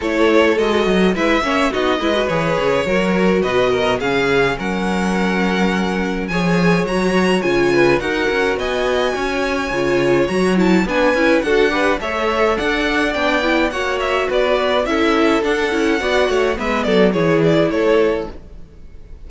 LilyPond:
<<
  \new Staff \with { instrumentName = "violin" } { \time 4/4 \tempo 4 = 105 cis''4 dis''4 e''4 dis''4 | cis''2 dis''4 f''4 | fis''2. gis''4 | ais''4 gis''4 fis''4 gis''4~ |
gis''2 ais''8 a''8 gis''4 | fis''4 e''4 fis''4 g''4 | fis''8 e''8 d''4 e''4 fis''4~ | fis''4 e''8 d''8 cis''8 d''8 cis''4 | }
  \new Staff \with { instrumentName = "violin" } { \time 4/4 a'2 b'8 cis''8 fis'8 b'8~ | b'4 ais'4 b'8 ais'8 gis'4 | ais'2. cis''4~ | cis''4. b'8 ais'4 dis''4 |
cis''2. b'4 | a'8 b'8 cis''4 d''2 | cis''4 b'4 a'2 | d''8 cis''8 b'8 a'8 gis'4 a'4 | }
  \new Staff \with { instrumentName = "viola" } { \time 4/4 e'4 fis'4 e'8 cis'8 dis'8 e'16 fis'16 | gis'4 fis'2 cis'4~ | cis'2. gis'4 | fis'4 f'4 fis'2~ |
fis'4 f'4 fis'8 e'8 d'8 e'8 | fis'8 g'8 a'2 d'8 e'8 | fis'2 e'4 d'8 e'8 | fis'4 b4 e'2 | }
  \new Staff \with { instrumentName = "cello" } { \time 4/4 a4 gis8 fis8 gis8 ais8 b8 gis8 | e8 cis8 fis4 b,4 cis4 | fis2. f4 | fis4 cis4 dis'8 cis'8 b4 |
cis'4 cis4 fis4 b8 cis'8 | d'4 a4 d'4 b4 | ais4 b4 cis'4 d'8 cis'8 | b8 a8 gis8 fis8 e4 a4 | }
>>